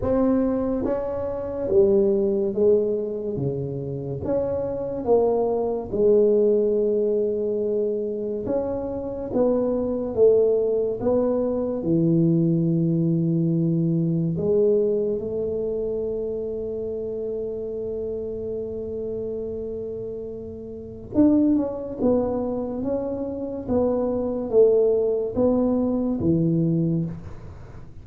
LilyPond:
\new Staff \with { instrumentName = "tuba" } { \time 4/4 \tempo 4 = 71 c'4 cis'4 g4 gis4 | cis4 cis'4 ais4 gis4~ | gis2 cis'4 b4 | a4 b4 e2~ |
e4 gis4 a2~ | a1~ | a4 d'8 cis'8 b4 cis'4 | b4 a4 b4 e4 | }